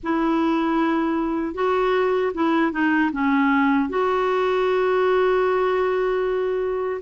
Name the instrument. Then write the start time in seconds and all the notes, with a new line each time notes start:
clarinet
0.03 E4
1.54 F#4
2.34 E4
2.72 D#4
3.12 C#4
3.89 F#4